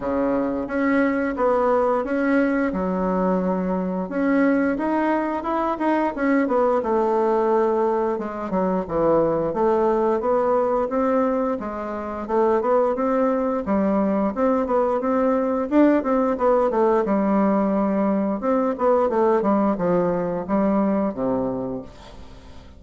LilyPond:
\new Staff \with { instrumentName = "bassoon" } { \time 4/4 \tempo 4 = 88 cis4 cis'4 b4 cis'4 | fis2 cis'4 dis'4 | e'8 dis'8 cis'8 b8 a2 | gis8 fis8 e4 a4 b4 |
c'4 gis4 a8 b8 c'4 | g4 c'8 b8 c'4 d'8 c'8 | b8 a8 g2 c'8 b8 | a8 g8 f4 g4 c4 | }